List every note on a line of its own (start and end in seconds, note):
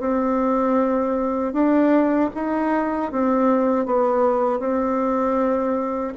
0.00 1.53 C4
1.53 2.30 D4
2.35 3.12 D#4
3.12 3.86 C4
3.86 4.59 B3
4.59 6.13 C4